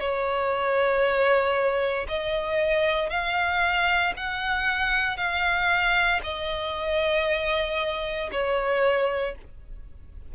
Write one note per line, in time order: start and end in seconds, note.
0.00 2.07 C#5
2.08 3.10 D#5
3.10 4.14 F5
4.17 5.17 F#5
5.17 6.21 F5
6.24 8.30 D#5
8.32 9.35 C#5